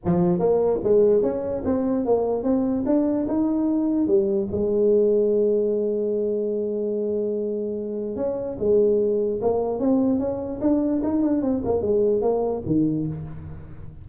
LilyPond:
\new Staff \with { instrumentName = "tuba" } { \time 4/4 \tempo 4 = 147 f4 ais4 gis4 cis'4 | c'4 ais4 c'4 d'4 | dis'2 g4 gis4~ | gis1~ |
gis1 | cis'4 gis2 ais4 | c'4 cis'4 d'4 dis'8 d'8 | c'8 ais8 gis4 ais4 dis4 | }